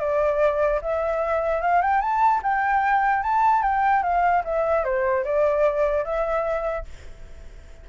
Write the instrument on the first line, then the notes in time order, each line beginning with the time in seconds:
flute
0.00 D5
0.82 E5
1.62 F5
1.82 G5
2.01 A5
2.43 G5
3.23 A5
3.63 G5
4.03 F5
4.45 E5
4.85 C5
5.25 D5
6.05 E5